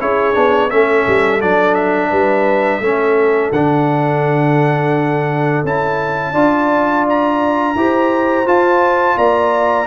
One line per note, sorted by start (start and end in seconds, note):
0.00 0.36 C#4
0.00 0.34 E4
0.00 0.71 G#4
0.00 0.70 C#5
0.34 0.71 B3
0.34 0.69 D4
0.70 1.07 A3
0.70 1.40 C#4
0.70 2.09 A4
0.70 1.41 E5
1.07 1.42 G3
1.41 2.11 F#3
1.41 2.82 D4
1.41 1.75 D5
1.75 3.51 E5
2.09 2.80 G3
2.09 2.80 B4
2.80 3.50 A3
2.80 3.53 C#4
2.80 6.32 A4
3.51 5.63 D3
3.51 5.66 D4
3.51 5.64 F#5
5.64 6.33 C#4
5.64 6.35 E4
5.64 7.07 A5
6.32 7.75 D4
6.32 7.76 F4
6.32 7.73 D5
7.09 8.47 A#5
7.75 8.45 E4
7.75 8.46 G4
7.75 9.17 C5
8.46 9.17 F4
8.46 9.86 F4
8.46 9.17 A5
9.17 9.86 A#3
9.17 9.86 D5
9.17 9.86 A#5